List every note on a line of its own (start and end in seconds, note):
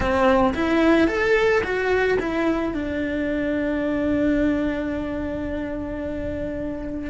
0.00 0.54 C4
0.54 1.07 E4
1.07 1.62 A4
1.63 2.18 F#4
2.19 2.74 E4
2.74 7.10 D4